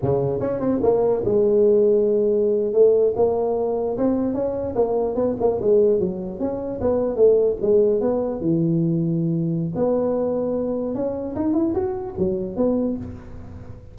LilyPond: \new Staff \with { instrumentName = "tuba" } { \time 4/4 \tempo 4 = 148 cis4 cis'8 c'8 ais4 gis4~ | gis2~ gis8. a4 ais16~ | ais4.~ ais16 c'4 cis'4 ais16~ | ais8. b8 ais8 gis4 fis4 cis'16~ |
cis'8. b4 a4 gis4 b16~ | b8. e2.~ e16 | b2. cis'4 | dis'8 e'8 fis'4 fis4 b4 | }